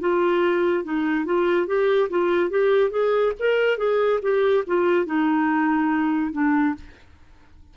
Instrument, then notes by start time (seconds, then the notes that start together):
clarinet
0.00 F4
0.84 D#4
1.25 F4
1.67 G4
2.09 F4
2.50 G4
2.90 G#4
3.39 A#4
3.78 G#4
4.22 G4
4.67 F4
5.06 D#4
6.32 D4